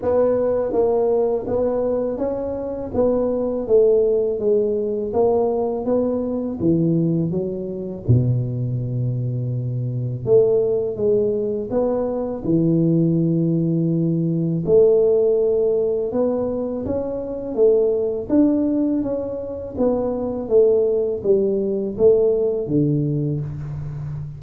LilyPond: \new Staff \with { instrumentName = "tuba" } { \time 4/4 \tempo 4 = 82 b4 ais4 b4 cis'4 | b4 a4 gis4 ais4 | b4 e4 fis4 b,4~ | b,2 a4 gis4 |
b4 e2. | a2 b4 cis'4 | a4 d'4 cis'4 b4 | a4 g4 a4 d4 | }